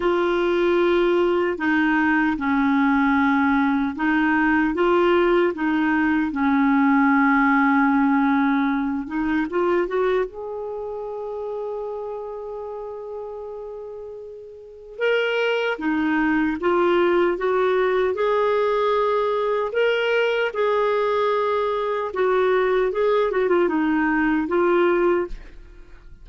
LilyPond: \new Staff \with { instrumentName = "clarinet" } { \time 4/4 \tempo 4 = 76 f'2 dis'4 cis'4~ | cis'4 dis'4 f'4 dis'4 | cis'2.~ cis'8 dis'8 | f'8 fis'8 gis'2.~ |
gis'2. ais'4 | dis'4 f'4 fis'4 gis'4~ | gis'4 ais'4 gis'2 | fis'4 gis'8 fis'16 f'16 dis'4 f'4 | }